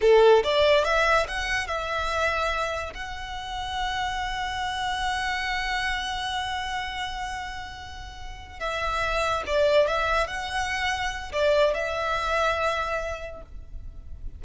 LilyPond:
\new Staff \with { instrumentName = "violin" } { \time 4/4 \tempo 4 = 143 a'4 d''4 e''4 fis''4 | e''2. fis''4~ | fis''1~ | fis''1~ |
fis''1~ | fis''8 e''2 d''4 e''8~ | e''8 fis''2~ fis''8 d''4 | e''1 | }